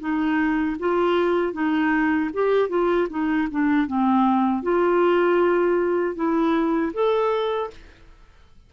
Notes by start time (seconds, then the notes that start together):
0.00 D#4
0.80 F4
1.53 D#4
2.34 G4
2.70 F4
3.10 D#4
3.51 D4
3.87 C4
4.63 F4
6.16 E4
6.94 A4